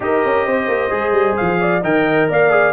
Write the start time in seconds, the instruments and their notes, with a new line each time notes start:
0.00 tuba D#4, trombone G4, horn A#4, trumpet D#5
0.24 tuba C#4
0.46 tuba C4, horn C5
0.67 tuba A#3
0.90 tuba G#3, trombone G#4
1.11 tuba G3
1.36 tuba F3, trumpet F5
1.60 horn D5
1.82 tuba D#3, trombone A#4, horn D#5, trumpet G5
2.29 tuba A#3, horn D5, trumpet F5
2.50 trombone G#4